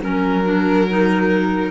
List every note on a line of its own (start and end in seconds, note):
0.00 1.71 F#3
0.00 0.44 C#4
0.00 1.71 A#4
0.44 0.87 D4
0.90 1.71 D#4